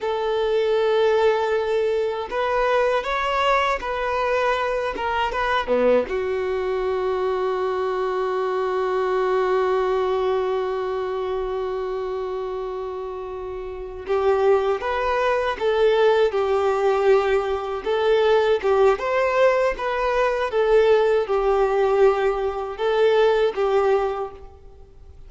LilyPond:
\new Staff \with { instrumentName = "violin" } { \time 4/4 \tempo 4 = 79 a'2. b'4 | cis''4 b'4. ais'8 b'8 b8 | fis'1~ | fis'1~ |
fis'2~ fis'8 g'4 b'8~ | b'8 a'4 g'2 a'8~ | a'8 g'8 c''4 b'4 a'4 | g'2 a'4 g'4 | }